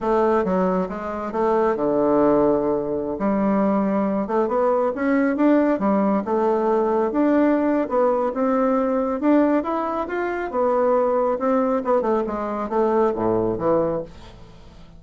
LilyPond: \new Staff \with { instrumentName = "bassoon" } { \time 4/4 \tempo 4 = 137 a4 fis4 gis4 a4 | d2.~ d16 g8.~ | g4.~ g16 a8 b4 cis'8.~ | cis'16 d'4 g4 a4.~ a16~ |
a16 d'4.~ d'16 b4 c'4~ | c'4 d'4 e'4 f'4 | b2 c'4 b8 a8 | gis4 a4 a,4 e4 | }